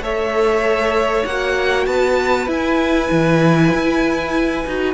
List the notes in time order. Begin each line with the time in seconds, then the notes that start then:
0.00 A3 A4 C#5 E5
1.26 A#3 F#4 F#5
1.86 B3 B4 A5
2.48 E4 G#5
3.11 E3
3.73 E4
4.67 D#4 F#4